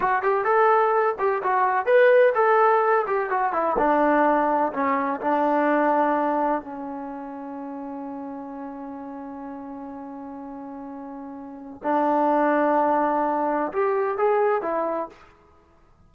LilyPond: \new Staff \with { instrumentName = "trombone" } { \time 4/4 \tempo 4 = 127 fis'8 g'8 a'4. g'8 fis'4 | b'4 a'4. g'8 fis'8 e'8 | d'2 cis'4 d'4~ | d'2 cis'2~ |
cis'1~ | cis'1~ | cis'4 d'2.~ | d'4 g'4 gis'4 e'4 | }